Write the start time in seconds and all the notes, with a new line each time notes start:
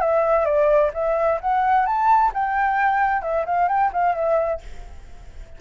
0.00 E5
0.45 D5
0.93 E5
1.40 F#5
1.85 A5
2.34 G5
3.22 E5
3.45 F5
3.68 G5
3.92 F5
4.15 E5